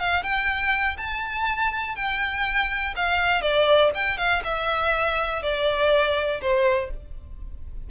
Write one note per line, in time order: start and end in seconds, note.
0.00 0.23 F5
0.23 0.97 G5
0.98 1.96 A5
1.96 2.94 G5
2.96 3.42 F5
3.42 3.91 D5
3.95 4.18 G5
4.18 4.43 F5
4.44 5.43 E5
5.43 6.41 D5
6.41 6.91 C5